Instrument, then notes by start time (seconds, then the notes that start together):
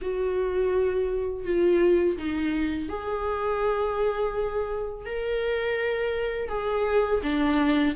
viola
0.01 F#4
1.44 F4
2.17 D#4
2.88 G#4
5.05 A#4
6.49 G#4
7.23 D4